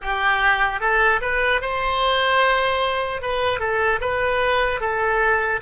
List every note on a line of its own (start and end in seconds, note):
0.01 0.80 G4
0.80 1.20 A4
1.21 1.61 B4
1.61 3.21 C5
3.21 3.59 B4
3.59 3.99 A4
4.00 4.80 B4
4.80 5.60 A4